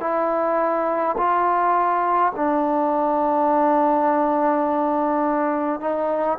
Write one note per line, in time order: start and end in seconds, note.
0.00 1.15 E4
1.17 2.32 F4
2.35 5.80 D4
5.80 6.38 D#4